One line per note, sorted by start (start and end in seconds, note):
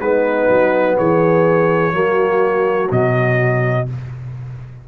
0.00 0.48 G#3
0.00 1.92 B3
0.00 0.97 D#4
0.00 0.97 B4
0.49 0.97 F#3
0.97 1.93 E3
0.97 1.94 G#4
0.97 2.91 C#5
1.92 2.90 F#3
1.92 2.89 A#3
1.92 3.88 F#4
2.90 3.88 B2
2.90 3.87 F#3
2.90 3.88 D#5